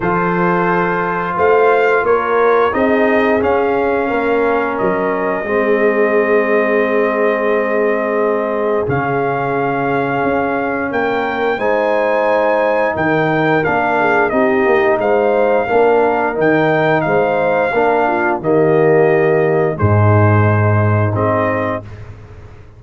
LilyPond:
<<
  \new Staff \with { instrumentName = "trumpet" } { \time 4/4 \tempo 4 = 88 c''2 f''4 cis''4 | dis''4 f''2 dis''4~ | dis''1~ | dis''4 f''2. |
g''4 gis''2 g''4 | f''4 dis''4 f''2 | g''4 f''2 dis''4~ | dis''4 c''2 dis''4 | }
  \new Staff \with { instrumentName = "horn" } { \time 4/4 a'2 c''4 ais'4 | gis'2 ais'2 | gis'1~ | gis'1 |
ais'4 c''2 ais'4~ | ais'8 gis'8 g'4 c''4 ais'4~ | ais'4 c''4 ais'8 f'8 g'4~ | g'4 dis'2. | }
  \new Staff \with { instrumentName = "trombone" } { \time 4/4 f'1 | dis'4 cis'2. | c'1~ | c'4 cis'2.~ |
cis'4 dis'2. | d'4 dis'2 d'4 | dis'2 d'4 ais4~ | ais4 gis2 c'4 | }
  \new Staff \with { instrumentName = "tuba" } { \time 4/4 f2 a4 ais4 | c'4 cis'4 ais4 fis4 | gis1~ | gis4 cis2 cis'4 |
ais4 gis2 dis4 | ais4 c'8 ais8 gis4 ais4 | dis4 gis4 ais4 dis4~ | dis4 gis,2 gis4 | }
>>